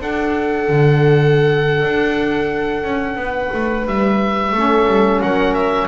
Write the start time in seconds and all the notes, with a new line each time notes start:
0.00 D4 A4 F#5
0.69 D3
1.83 D4
2.83 C#4
3.16 B3
3.22 B4
3.53 A3
3.86 G3 E5
4.52 A3 C#4 A4
4.87 G3
5.21 F#3 A#4 F#5
5.54 E5